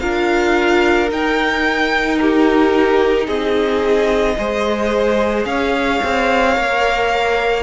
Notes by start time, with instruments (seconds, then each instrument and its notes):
0.00 cello D4, viola F4, violin A#4 F5
1.09 viola D#4, cello D#4, violin G5
2.18 violin G4 A#4
3.27 cello C4, violin G#4 D#5
4.38 cello G#3, viola G#4, violin C5
5.45 cello C#4, violin C#5 F5
6.04 cello C4
6.55 cello A#3, viola A#4